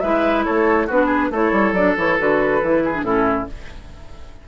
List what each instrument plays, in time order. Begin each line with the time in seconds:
0.00 bassoon G#3, clarinet E4, oboe B4, flute E5
0.44 bassoon A3, oboe A4, flute C#5
0.87 bassoon B3, clarinet D4, oboe F#4, flute B4
1.06 oboe G#4
1.30 bassoon A3, clarinet E4, oboe A4, flute C#5
1.52 bassoon G3
1.72 bassoon F#3, clarinet D4, flute D5
1.97 bassoon E3, clarinet E4, flute C#5
2.19 bassoon D3, clarinet F#4, flute B4
2.62 bassoon E3, clarinet E4
2.84 oboe G#4
2.94 clarinet D4
3.03 bassoon A2, clarinet C#4, oboe E4, flute A4